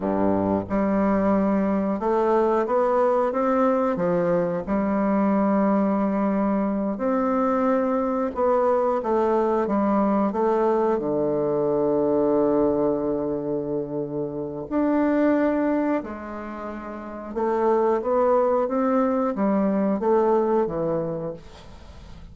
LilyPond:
\new Staff \with { instrumentName = "bassoon" } { \time 4/4 \tempo 4 = 90 g,4 g2 a4 | b4 c'4 f4 g4~ | g2~ g8 c'4.~ | c'8 b4 a4 g4 a8~ |
a8 d2.~ d8~ | d2 d'2 | gis2 a4 b4 | c'4 g4 a4 e4 | }